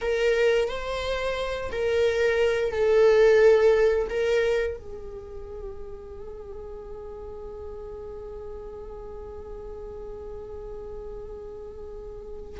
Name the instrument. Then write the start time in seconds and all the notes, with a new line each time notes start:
viola
0.01 A#4
0.68 C5
1.71 A#4
2.71 A4
4.09 A#4
4.77 G#4